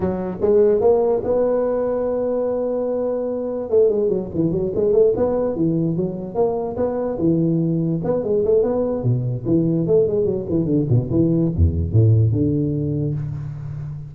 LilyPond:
\new Staff \with { instrumentName = "tuba" } { \time 4/4 \tempo 4 = 146 fis4 gis4 ais4 b4~ | b1~ | b4 a8 gis8 fis8 e8 fis8 gis8 | a8 b4 e4 fis4 ais8~ |
ais8 b4 e2 b8 | gis8 a8 b4 b,4 e4 | a8 gis8 fis8 e8 d8 b,8 e4 | e,4 a,4 d2 | }